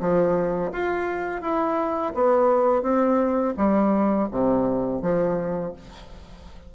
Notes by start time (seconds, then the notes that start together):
0.00 F3
0.72 F4
1.41 E4
2.14 B3
2.82 C4
3.57 G3
4.31 C3
5.02 F3